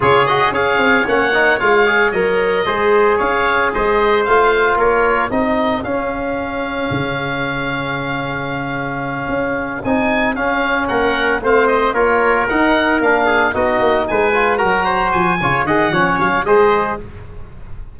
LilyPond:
<<
  \new Staff \with { instrumentName = "oboe" } { \time 4/4 \tempo 4 = 113 cis''8 dis''8 f''4 fis''4 f''4 | dis''2 f''4 dis''4 | f''4 cis''4 dis''4 f''4~ | f''1~ |
f''2~ f''8 gis''4 f''8~ | f''8 fis''4 f''8 dis''8 cis''4 fis''8~ | fis''8 f''4 dis''4 gis''4 ais''8~ | ais''8 gis''4 fis''4 f''8 dis''4 | }
  \new Staff \with { instrumentName = "trumpet" } { \time 4/4 gis'4 cis''2.~ | cis''4 c''4 cis''4 c''4~ | c''4 ais'4 gis'2~ | gis'1~ |
gis'1~ | gis'8 ais'4 c''4 ais'4.~ | ais'4 gis'8 fis'4 b'4 ais'8 | c''4 cis''8 dis''8 cis''4 c''4 | }
  \new Staff \with { instrumentName = "trombone" } { \time 4/4 f'8 fis'8 gis'4 cis'8 dis'8 f'8 gis'8 | ais'4 gis'2. | f'2 dis'4 cis'4~ | cis'1~ |
cis'2~ cis'8 dis'4 cis'8~ | cis'4. c'4 f'4 dis'8~ | dis'8 d'4 dis'4. f'8 fis'8~ | fis'4 f'8 gis'8 cis'4 gis'4 | }
  \new Staff \with { instrumentName = "tuba" } { \time 4/4 cis4 cis'8 c'8 ais4 gis4 | fis4 gis4 cis'4 gis4 | a4 ais4 c'4 cis'4~ | cis'4 cis2.~ |
cis4. cis'4 c'4 cis'8~ | cis'8 ais4 a4 ais4 dis'8~ | dis'8 ais4 b8 ais8 gis4 fis8~ | fis8 f8 cis8 dis8 f8 fis8 gis4 | }
>>